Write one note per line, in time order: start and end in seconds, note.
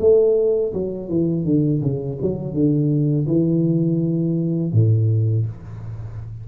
0.00 0.73 A3
0.74 1.09 F#3
1.09 1.45 E3
1.45 1.82 D3
1.82 2.19 C#3
2.22 2.54 F#3
2.54 3.27 D3
3.27 4.73 E3
4.73 5.46 A2